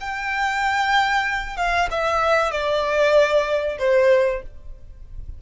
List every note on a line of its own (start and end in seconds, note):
0.00 1.57 G5
1.57 1.88 F5
1.90 2.51 E5
2.51 3.78 D5
3.79 4.42 C5